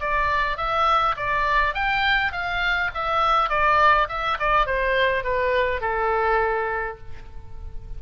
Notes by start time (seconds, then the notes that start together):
0.00 D5
0.57 E5
1.17 D5
1.74 G5
2.32 F5
2.94 E5
3.50 D5
4.09 E5
4.39 D5
4.66 C5
5.24 B4
5.81 A4